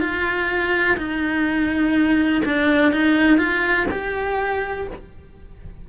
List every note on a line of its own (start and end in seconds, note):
0.00 0.97 F4
0.97 2.42 D#4
2.45 2.92 D4
2.92 3.38 D#4
3.38 3.87 F4
3.91 4.88 G4